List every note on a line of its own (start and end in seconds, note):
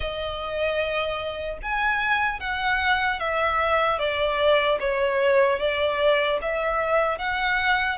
0.00 1.57 D#5
1.62 2.40 G#5
2.40 3.19 F#5
3.19 3.99 E5
3.99 4.79 D5
4.80 5.59 C#5
5.59 6.39 D5
6.41 7.18 E5
7.18 7.98 F#5